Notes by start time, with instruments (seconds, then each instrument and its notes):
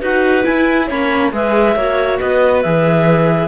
0.00 cello D#4, viola F#4, clarinet B4 F#5
0.43 viola E4, cello E4, clarinet G#5
0.87 cello A#3, viola C#4, clarinet C#5 B5
1.33 cello G#3, viola G#4, clarinet B4 E5
1.76 cello A#3, viola F#4, clarinet C#5
2.20 cello B3, clarinet B4 D#5
2.63 cello E3, viola G#4, clarinet E5